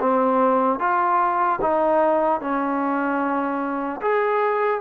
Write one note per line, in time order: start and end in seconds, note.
0.00 0.79 C4
0.79 1.59 F4
1.61 2.40 D#4
2.40 4.00 C#4
4.01 4.80 G#4